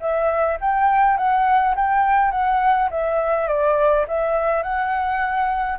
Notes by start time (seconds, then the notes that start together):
0.00 E5
0.60 G5
1.17 F#5
1.75 G5
2.31 F#5
2.90 E5
3.47 D5
4.08 E5
4.62 F#5